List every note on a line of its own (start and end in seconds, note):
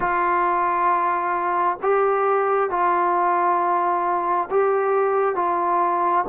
0.00 1.77 F4
1.82 2.69 G4
2.69 4.49 F4
4.50 5.35 G4
5.35 6.24 F4